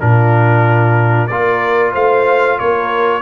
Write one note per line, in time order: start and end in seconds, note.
0.00 1.30 A#2
0.00 1.29 D4
0.00 1.30 F4
0.00 1.27 A#4
1.27 1.95 A#3
1.27 3.22 F4
1.27 1.93 A#4
1.27 1.92 D5
1.93 2.60 A3
1.93 2.57 C5
1.93 2.59 F5
2.59 3.22 A#3
2.59 3.22 A#4
2.59 3.22 C#5